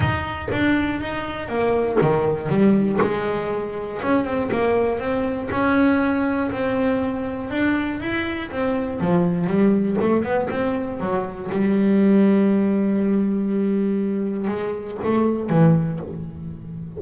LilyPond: \new Staff \with { instrumentName = "double bass" } { \time 4/4 \tempo 4 = 120 dis'4 d'4 dis'4 ais4 | dis4 g4 gis2 | cis'8 c'8 ais4 c'4 cis'4~ | cis'4 c'2 d'4 |
e'4 c'4 f4 g4 | a8 b8 c'4 fis4 g4~ | g1~ | g4 gis4 a4 e4 | }